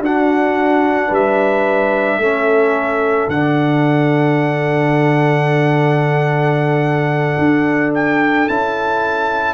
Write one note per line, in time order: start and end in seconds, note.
0.00 1.09 D4
0.00 2.22 D4
0.00 1.08 F#4
0.00 1.14 F#5
1.08 2.17 G3
1.08 2.17 B4
1.08 3.30 E5
2.17 3.27 A3
2.17 3.31 C#4
2.17 9.54 A4
3.28 7.37 D3
3.28 8.48 D4
3.28 7.93 F#5
7.38 8.47 D4
7.94 8.48 G5
8.48 9.54 C#4
8.48 9.54 E4
8.48 9.54 A5